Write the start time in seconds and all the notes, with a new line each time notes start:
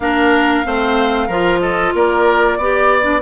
0.00 A#3 D4 A#4 F5
0.65 A3 C4 C5
1.27 F3 F4 A#4
1.60 A4 D#5
1.93 A#3 A#4 D5
2.58 B3 G4 D5
3.02 D4